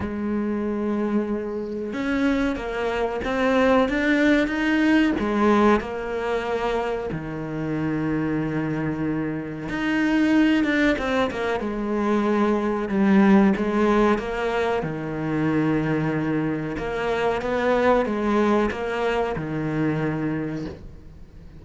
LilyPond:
\new Staff \with { instrumentName = "cello" } { \time 4/4 \tempo 4 = 93 gis2. cis'4 | ais4 c'4 d'4 dis'4 | gis4 ais2 dis4~ | dis2. dis'4~ |
dis'8 d'8 c'8 ais8 gis2 | g4 gis4 ais4 dis4~ | dis2 ais4 b4 | gis4 ais4 dis2 | }